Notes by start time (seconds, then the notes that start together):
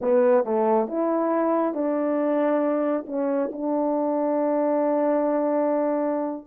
0.01 B3
0.44 A3
0.88 E4
1.74 D4
3.07 C#4
3.52 D4